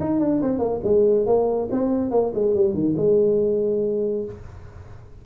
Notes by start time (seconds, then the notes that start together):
0.00 D#4
0.20 D4
0.42 C4
0.59 A#3
0.84 G#3
1.26 A#3
1.71 C4
2.11 A#3
2.34 G#3
2.55 G3
2.74 D#3
2.97 G#3